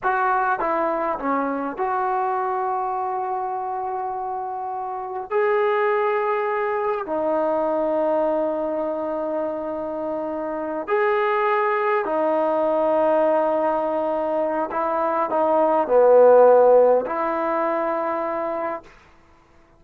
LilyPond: \new Staff \with { instrumentName = "trombone" } { \time 4/4 \tempo 4 = 102 fis'4 e'4 cis'4 fis'4~ | fis'1~ | fis'4 gis'2. | dis'1~ |
dis'2~ dis'8 gis'4.~ | gis'8 dis'2.~ dis'8~ | dis'4 e'4 dis'4 b4~ | b4 e'2. | }